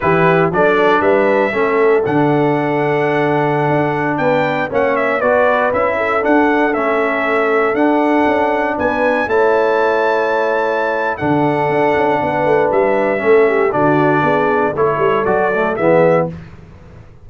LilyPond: <<
  \new Staff \with { instrumentName = "trumpet" } { \time 4/4 \tempo 4 = 118 b'4 d''4 e''2 | fis''1~ | fis''16 g''4 fis''8 e''8 d''4 e''8.~ | e''16 fis''4 e''2 fis''8.~ |
fis''4~ fis''16 gis''4 a''4.~ a''16~ | a''2 fis''2~ | fis''4 e''2 d''4~ | d''4 cis''4 d''4 e''4 | }
  \new Staff \with { instrumentName = "horn" } { \time 4/4 g'4 a'4 b'4 a'4~ | a'1~ | a'16 b'4 cis''4 b'4. a'16~ | a'1~ |
a'4~ a'16 b'4 cis''4.~ cis''16~ | cis''2 a'2 | b'2 a'8 g'8 fis'4 | gis'4 a'2 gis'4 | }
  \new Staff \with { instrumentName = "trombone" } { \time 4/4 e'4 d'2 cis'4 | d'1~ | d'4~ d'16 cis'4 fis'4 e'8.~ | e'16 d'4 cis'2 d'8.~ |
d'2~ d'16 e'4.~ e'16~ | e'2 d'2~ | d'2 cis'4 d'4~ | d'4 e'4 fis'8 a8 b4 | }
  \new Staff \with { instrumentName = "tuba" } { \time 4/4 e4 fis4 g4 a4 | d2.~ d16 d'8.~ | d'16 b4 ais4 b4 cis'8.~ | cis'16 d'4 a2 d'8.~ |
d'16 cis'4 b4 a4.~ a16~ | a2 d4 d'8 cis'8 | b8 a8 g4 a4 d4 | b4 a8 g8 fis4 e4 | }
>>